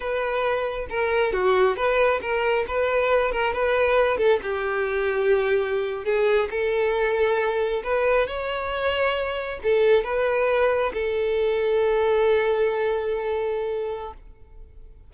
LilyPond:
\new Staff \with { instrumentName = "violin" } { \time 4/4 \tempo 4 = 136 b'2 ais'4 fis'4 | b'4 ais'4 b'4. ais'8 | b'4. a'8 g'2~ | g'4.~ g'16 gis'4 a'4~ a'16~ |
a'4.~ a'16 b'4 cis''4~ cis''16~ | cis''4.~ cis''16 a'4 b'4~ b'16~ | b'8. a'2.~ a'16~ | a'1 | }